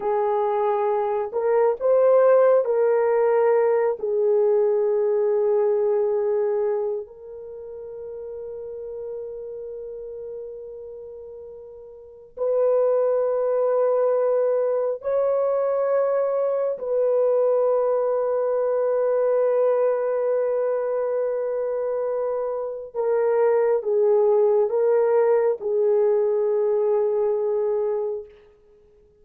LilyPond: \new Staff \with { instrumentName = "horn" } { \time 4/4 \tempo 4 = 68 gis'4. ais'8 c''4 ais'4~ | ais'8 gis'2.~ gis'8 | ais'1~ | ais'2 b'2~ |
b'4 cis''2 b'4~ | b'1~ | b'2 ais'4 gis'4 | ais'4 gis'2. | }